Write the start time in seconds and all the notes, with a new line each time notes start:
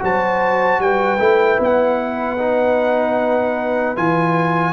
0.00 F#3 F#4 C5 A5
0.79 G3 B4 G5
1.19 A3 E4
1.60 B3 F#5
2.39 D#4
3.96 E3 F4 G#5